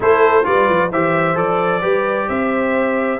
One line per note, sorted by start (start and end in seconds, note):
0.00 0.45 A3
0.00 0.43 E4
0.00 0.46 A4
0.00 0.45 C5
0.43 0.69 G3
0.43 0.89 F4
0.43 0.90 B4
0.43 0.90 D5
0.69 0.91 F3
0.90 1.36 E3
0.90 1.34 G4
0.90 1.81 C5
0.90 1.37 E5
1.34 1.82 F3
1.34 1.80 A4
1.34 2.28 D5
1.81 2.28 G3
1.81 3.19 G4
1.81 2.27 B4
2.28 3.19 C4
2.28 3.19 C5
2.28 3.19 E5